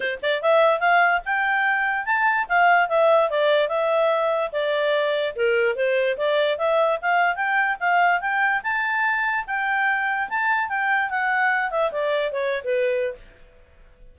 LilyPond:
\new Staff \with { instrumentName = "clarinet" } { \time 4/4 \tempo 4 = 146 c''8 d''8 e''4 f''4 g''4~ | g''4 a''4 f''4 e''4 | d''4 e''2 d''4~ | d''4 ais'4 c''4 d''4 |
e''4 f''4 g''4 f''4 | g''4 a''2 g''4~ | g''4 a''4 g''4 fis''4~ | fis''8 e''8 d''4 cis''8. b'4~ b'16 | }